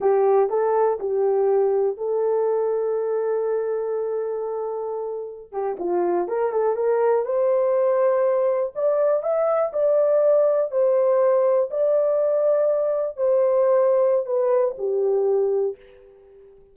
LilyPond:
\new Staff \with { instrumentName = "horn" } { \time 4/4 \tempo 4 = 122 g'4 a'4 g'2 | a'1~ | a'2.~ a'16 g'8 f'16~ | f'8. ais'8 a'8 ais'4 c''4~ c''16~ |
c''4.~ c''16 d''4 e''4 d''16~ | d''4.~ d''16 c''2 d''16~ | d''2~ d''8. c''4~ c''16~ | c''4 b'4 g'2 | }